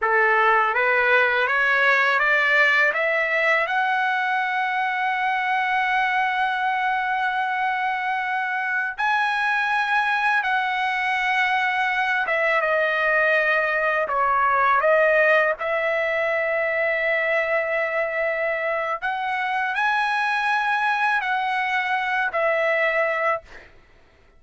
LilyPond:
\new Staff \with { instrumentName = "trumpet" } { \time 4/4 \tempo 4 = 82 a'4 b'4 cis''4 d''4 | e''4 fis''2.~ | fis''1~ | fis''16 gis''2 fis''4.~ fis''16~ |
fis''8. e''8 dis''2 cis''8.~ | cis''16 dis''4 e''2~ e''8.~ | e''2 fis''4 gis''4~ | gis''4 fis''4. e''4. | }